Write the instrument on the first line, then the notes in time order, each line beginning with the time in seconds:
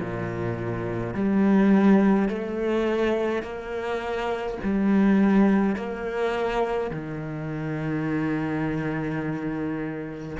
cello
0.00 A#2
1.14 G3
2.28 A3
3.42 A#3
4.64 G3
5.76 A#3
6.91 D#3